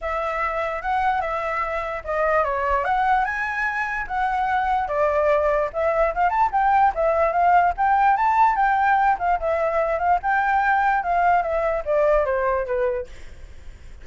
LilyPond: \new Staff \with { instrumentName = "flute" } { \time 4/4 \tempo 4 = 147 e''2 fis''4 e''4~ | e''4 dis''4 cis''4 fis''4 | gis''2 fis''2 | d''2 e''4 f''8 a''8 |
g''4 e''4 f''4 g''4 | a''4 g''4. f''8 e''4~ | e''8 f''8 g''2 f''4 | e''4 d''4 c''4 b'4 | }